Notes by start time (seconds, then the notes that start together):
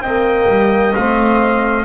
0.00 A#3 C4 D#5 G5
0.48 G3
0.95 A3 C4 F5